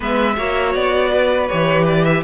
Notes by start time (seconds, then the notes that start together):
0.00 G#3 B3 B4 E5
0.36 A#3 F#4 C#5
0.74 B3 D5
1.10 B4
1.48 E3 G4 C#5
1.87 D5
2.04 E5